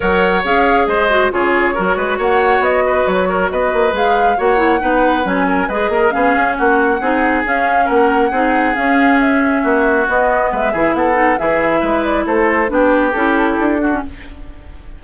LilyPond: <<
  \new Staff \with { instrumentName = "flute" } { \time 4/4 \tempo 4 = 137 fis''4 f''4 dis''4 cis''4~ | cis''4 fis''4 dis''4 cis''4 | dis''4 f''4 fis''2 | gis''4 dis''4 f''4 fis''4~ |
fis''4 f''4 fis''2 | f''4 e''2 dis''4 | e''4 fis''4 e''4. d''8 | c''4 b'4 a'2 | }
  \new Staff \with { instrumentName = "oboe" } { \time 4/4 cis''2 c''4 gis'4 | ais'8 b'8 cis''4. b'4 ais'8 | b'2 cis''4 b'4~ | b'8 ais'8 b'8 ais'8 gis'4 fis'4 |
gis'2 ais'4 gis'4~ | gis'2 fis'2 | b'8 gis'8 a'4 gis'4 b'4 | a'4 g'2~ g'8 fis'8 | }
  \new Staff \with { instrumentName = "clarinet" } { \time 4/4 ais'4 gis'4. fis'8 f'4 | fis'1~ | fis'4 gis'4 fis'8 e'8 dis'4 | cis'4 gis'4 cis'2 |
dis'4 cis'2 dis'4 | cis'2. b4~ | b8 e'4 dis'8 e'2~ | e'4 d'4 e'4. d'16 cis'16 | }
  \new Staff \with { instrumentName = "bassoon" } { \time 4/4 fis4 cis'4 gis4 cis4 | fis8 gis8 ais4 b4 fis4 | b8 ais8 gis4 ais4 b4 | fis4 gis8 ais8 b8 cis'8 ais4 |
c'4 cis'4 ais4 c'4 | cis'2 ais4 b4 | gis8 e8 b4 e4 gis4 | a4 b4 cis'4 d'4 | }
>>